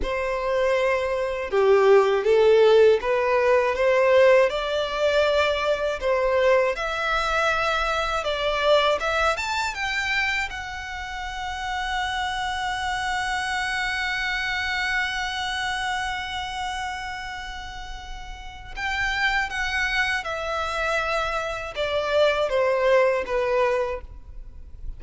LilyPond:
\new Staff \with { instrumentName = "violin" } { \time 4/4 \tempo 4 = 80 c''2 g'4 a'4 | b'4 c''4 d''2 | c''4 e''2 d''4 | e''8 a''8 g''4 fis''2~ |
fis''1~ | fis''1~ | fis''4 g''4 fis''4 e''4~ | e''4 d''4 c''4 b'4 | }